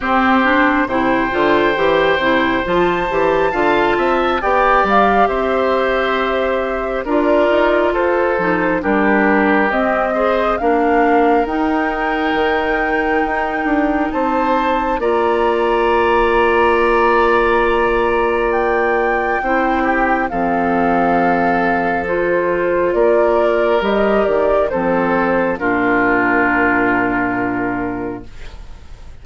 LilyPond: <<
  \new Staff \with { instrumentName = "flute" } { \time 4/4 \tempo 4 = 68 c''4 g''2 a''4~ | a''4 g''8 f''8 e''2 | d''4 c''4 ais'4 dis''4 | f''4 g''2. |
a''4 ais''2.~ | ais''4 g''2 f''4~ | f''4 c''4 d''4 dis''8 d''8 | c''4 ais'2. | }
  \new Staff \with { instrumentName = "oboe" } { \time 4/4 g'4 c''2. | f''8 e''8 d''4 c''2 | ais'4 a'4 g'4. c''8 | ais'1 |
c''4 d''2.~ | d''2 c''8 g'8 a'4~ | a'2 ais'2 | a'4 f'2. | }
  \new Staff \with { instrumentName = "clarinet" } { \time 4/4 c'8 d'8 e'8 f'8 g'8 e'8 f'8 g'8 | f'4 g'2. | f'4. dis'8 d'4 c'8 gis'8 | d'4 dis'2.~ |
dis'4 f'2.~ | f'2 e'4 c'4~ | c'4 f'2 g'4 | c'4 d'2. | }
  \new Staff \with { instrumentName = "bassoon" } { \time 4/4 c'4 c8 d8 e8 c8 f8 e8 | d8 c'8 b8 g8 c'2 | d'8 dis'8 f'8 f8 g4 c'4 | ais4 dis'4 dis4 dis'8 d'8 |
c'4 ais2.~ | ais2 c'4 f4~ | f2 ais4 g8 dis8 | f4 ais,2. | }
>>